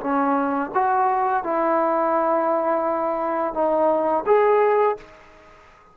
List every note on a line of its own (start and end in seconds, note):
0.00 0.71 C#4
0.74 1.43 F#4
1.43 3.54 E4
3.54 4.24 D#4
4.26 4.97 G#4